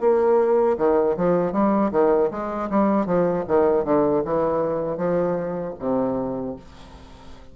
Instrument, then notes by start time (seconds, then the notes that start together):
bassoon
0.00 A#3
0.77 D#3
1.16 F3
1.52 G3
1.91 D#3
2.30 G#3
2.70 G3
3.05 F3
3.47 D#3
3.84 D3
4.24 E3
4.97 F3
5.79 C3